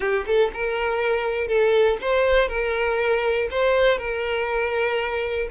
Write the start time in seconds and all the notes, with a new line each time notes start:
0.00 G4
0.26 A4
0.53 A#4
1.47 A4
2.01 C5
2.48 A#4
3.50 C5
3.98 A#4